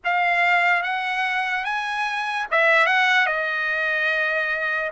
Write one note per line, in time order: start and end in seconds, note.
0.04 0.83 F5
0.83 1.64 F#5
1.64 2.46 G#5
2.51 2.86 E5
2.86 3.26 F#5
3.26 4.91 D#5